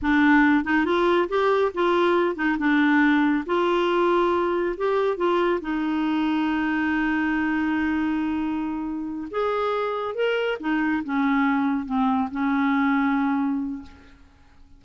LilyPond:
\new Staff \with { instrumentName = "clarinet" } { \time 4/4 \tempo 4 = 139 d'4. dis'8 f'4 g'4 | f'4. dis'8 d'2 | f'2. g'4 | f'4 dis'2.~ |
dis'1~ | dis'4. gis'2 ais'8~ | ais'8 dis'4 cis'2 c'8~ | c'8 cis'2.~ cis'8 | }